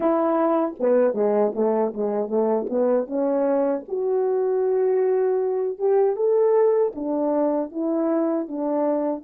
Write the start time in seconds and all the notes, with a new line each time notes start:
0.00 E4
0.79 B3
1.14 G#3
1.54 A3
1.93 G#3
2.27 A3
2.69 B3
3.07 C#4
3.87 F#4
5.78 G4
6.15 A4
6.95 D4
7.71 E4
8.48 D4